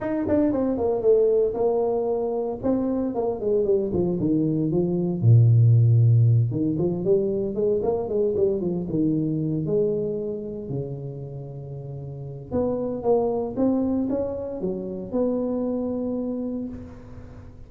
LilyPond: \new Staff \with { instrumentName = "tuba" } { \time 4/4 \tempo 4 = 115 dis'8 d'8 c'8 ais8 a4 ais4~ | ais4 c'4 ais8 gis8 g8 f8 | dis4 f4 ais,2~ | ais,8 dis8 f8 g4 gis8 ais8 gis8 |
g8 f8 dis4. gis4.~ | gis8 cis2.~ cis8 | b4 ais4 c'4 cis'4 | fis4 b2. | }